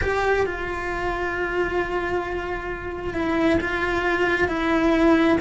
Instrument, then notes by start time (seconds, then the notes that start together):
cello
0.01 G4
0.45 F4
3.13 E4
3.60 F4
4.48 E4